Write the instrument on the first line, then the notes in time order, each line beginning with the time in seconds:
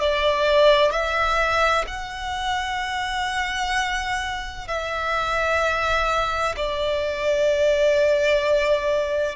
violin
0.00 D5
0.91 E5
1.87 F#5
4.68 E5
6.56 D5